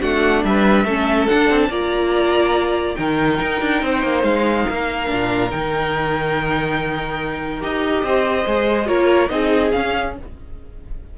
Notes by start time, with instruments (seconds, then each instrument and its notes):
0.00 cello A3, viola D4, violin F#4 F#5
0.44 cello G3, violin B4 E5
0.85 cello A3, viola C#4, violin A4
1.28 viola D4, cello D4, violin F#5
1.50 cello C4
1.63 cello A#3, violin A5
1.70 viola F4, violin D5 A#5
2.95 cello D#3, viola D#4, violin A#4 G5
3.42 cello D#4
3.61 cello D4
3.82 cello C4, violin C5
4.03 cello A#3
4.23 cello G#3, violin F5
4.68 cello A#3, violin A#4
5.07 cello A#2, viola D4
5.51 cello D#3, viola D#4, violin G5
7.61 cello D#4, viola G4, violin D#5
8.03 cello C4, violin C5
8.46 cello G#3, viola G#4
8.86 cello A#3, viola F4, violin A#4 C#5
9.29 cello C4, viola D#4, violin G#4 D#5
9.72 viola C#4, cello C#4, violin F5